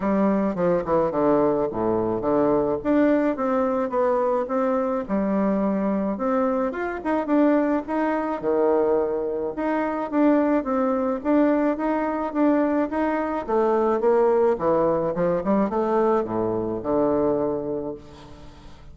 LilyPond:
\new Staff \with { instrumentName = "bassoon" } { \time 4/4 \tempo 4 = 107 g4 f8 e8 d4 a,4 | d4 d'4 c'4 b4 | c'4 g2 c'4 | f'8 dis'8 d'4 dis'4 dis4~ |
dis4 dis'4 d'4 c'4 | d'4 dis'4 d'4 dis'4 | a4 ais4 e4 f8 g8 | a4 a,4 d2 | }